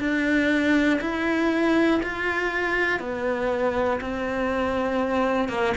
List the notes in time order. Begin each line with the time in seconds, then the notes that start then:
0.00 D4
1.01 E4
2.03 F4
3.00 B3
4.01 C4
5.49 A#3